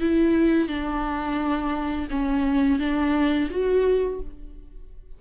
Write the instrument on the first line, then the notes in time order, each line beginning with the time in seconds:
viola
0.00 E4
0.68 D4
2.10 C#4
2.79 D4
3.50 F#4